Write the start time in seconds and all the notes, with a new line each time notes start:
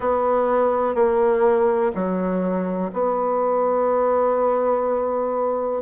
0.00 B3
0.95 A#3
1.94 F#3
2.93 B3